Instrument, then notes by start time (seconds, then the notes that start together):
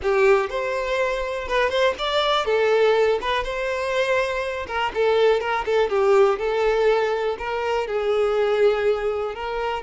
violin
0.02 G4
0.49 C5
1.48 B4
1.69 C5
1.98 D5
2.45 A4
3.21 B4
3.43 C5
4.67 A#4
4.94 A4
5.40 A#4
5.65 A4
5.89 G4
6.38 A4
7.38 A#4
7.87 G#4
9.34 A#4